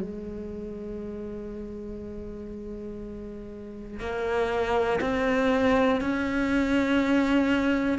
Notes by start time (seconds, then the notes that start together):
0.00 G#3
4.00 A#3
5.00 C4
6.00 C#4